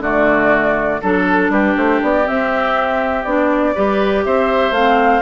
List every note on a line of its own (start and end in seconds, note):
0.00 0.99 D3
0.00 1.01 A3
0.00 1.01 F#4
0.00 1.01 D5
1.02 1.50 F#3
1.02 2.25 D4
1.02 1.51 A4
1.02 1.52 A4
1.50 1.74 G3
1.50 3.75 G4
1.50 1.77 B4
1.77 2.02 A3
1.77 2.02 C5
2.02 2.27 B3
2.02 2.28 D5
2.25 3.24 C4
2.25 3.25 C4
2.25 3.24 E5
3.24 3.74 B3
3.24 3.75 D4
3.24 4.23 D5
3.75 4.26 G3
3.75 4.74 G4
3.75 4.24 B4
4.25 4.71 C4
4.25 5.23 C5
4.25 4.74 E5
4.71 5.21 A3
4.71 5.23 C4
4.71 5.23 F5